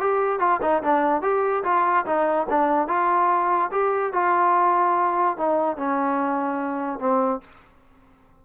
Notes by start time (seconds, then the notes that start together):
0.00 G4
0.39 F4
0.62 D#4
0.83 D4
1.22 G4
1.64 F4
2.05 D#4
2.49 D4
2.87 F4
3.71 G4
4.13 F4
5.37 D#4
5.77 C#4
6.99 C4